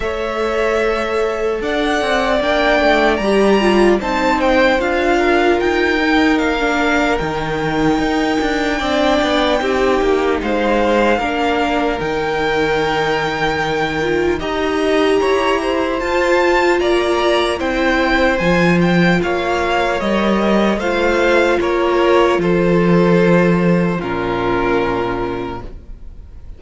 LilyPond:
<<
  \new Staff \with { instrumentName = "violin" } { \time 4/4 \tempo 4 = 75 e''2 fis''4 g''4 | ais''4 a''8 g''8 f''4 g''4 | f''4 g''2.~ | g''4 f''2 g''4~ |
g''2 ais''2 | a''4 ais''4 g''4 gis''8 g''8 | f''4 dis''4 f''4 cis''4 | c''2 ais'2 | }
  \new Staff \with { instrumentName = "violin" } { \time 4/4 cis''2 d''2~ | d''4 c''4. ais'4.~ | ais'2. d''4 | g'4 c''4 ais'2~ |
ais'2 dis''4 cis''8 c''8~ | c''4 d''4 c''2 | cis''2 c''4 ais'4 | a'2 f'2 | }
  \new Staff \with { instrumentName = "viola" } { \time 4/4 a'2. d'4 | g'8 f'8 dis'4 f'4. dis'8~ | dis'16 d'8. dis'2 d'4 | dis'2 d'4 dis'4~ |
dis'4. f'8 g'2 | f'2 e'4 f'4~ | f'4 ais'4 f'2~ | f'2 cis'2 | }
  \new Staff \with { instrumentName = "cello" } { \time 4/4 a2 d'8 c'8 ais8 a8 | g4 c'4 d'4 dis'4 | ais4 dis4 dis'8 d'8 c'8 b8 | c'8 ais8 gis4 ais4 dis4~ |
dis2 dis'4 e'4 | f'4 ais4 c'4 f4 | ais4 g4 a4 ais4 | f2 ais,2 | }
>>